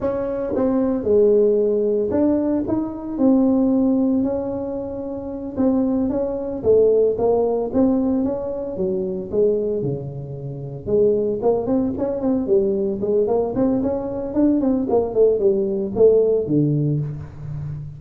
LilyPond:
\new Staff \with { instrumentName = "tuba" } { \time 4/4 \tempo 4 = 113 cis'4 c'4 gis2 | d'4 dis'4 c'2 | cis'2~ cis'8 c'4 cis'8~ | cis'8 a4 ais4 c'4 cis'8~ |
cis'8 fis4 gis4 cis4.~ | cis8 gis4 ais8 c'8 cis'8 c'8 g8~ | g8 gis8 ais8 c'8 cis'4 d'8 c'8 | ais8 a8 g4 a4 d4 | }